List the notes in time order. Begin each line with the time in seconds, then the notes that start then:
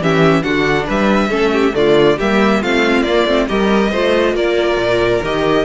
0.00 E3 C#4 G4 E5
0.43 D3 D4 F#4 F#5
0.86 G3 B4 E5
1.30 A3 C#4 A4
1.53 G4
1.73 D3 A3 F4 D5
2.17 G3 A#3 G4 E5
2.61 A3 C4 F4 F5
3.02 A#3 D5
3.26 A3 C4
3.48 G3 G4 A#4 D#5
3.91 A3 F4 C5
4.34 A#3 A#4 D5
4.77 A#2
5.23 D#3 G4 D#5